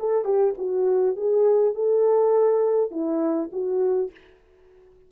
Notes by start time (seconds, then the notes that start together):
0.00 A4
0.25 G4
0.58 F#4
1.17 G#4
1.75 A4
2.91 E4
3.53 F#4